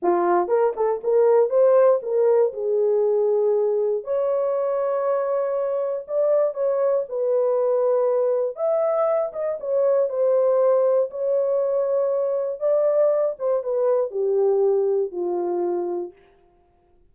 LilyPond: \new Staff \with { instrumentName = "horn" } { \time 4/4 \tempo 4 = 119 f'4 ais'8 a'8 ais'4 c''4 | ais'4 gis'2. | cis''1 | d''4 cis''4 b'2~ |
b'4 e''4. dis''8 cis''4 | c''2 cis''2~ | cis''4 d''4. c''8 b'4 | g'2 f'2 | }